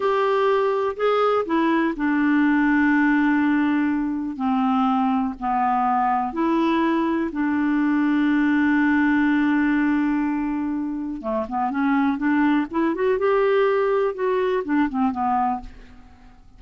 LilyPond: \new Staff \with { instrumentName = "clarinet" } { \time 4/4 \tempo 4 = 123 g'2 gis'4 e'4 | d'1~ | d'4 c'2 b4~ | b4 e'2 d'4~ |
d'1~ | d'2. a8 b8 | cis'4 d'4 e'8 fis'8 g'4~ | g'4 fis'4 d'8 c'8 b4 | }